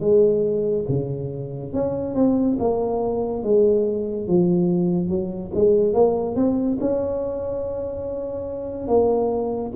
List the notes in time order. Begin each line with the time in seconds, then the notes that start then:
0.00 G#3
0.88 C#3
1.73 C#4
2.14 C4
2.59 A#3
3.43 G#3
4.27 F3
5.09 F#3
5.54 G#3
5.93 A#3
6.35 C4
6.80 C#4
8.87 A#3